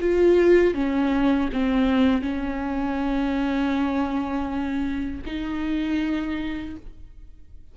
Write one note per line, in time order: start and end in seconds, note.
0.00 0.74 F4
0.74 1.49 C#4
1.52 2.21 C4
2.21 5.21 C#4
5.26 6.76 D#4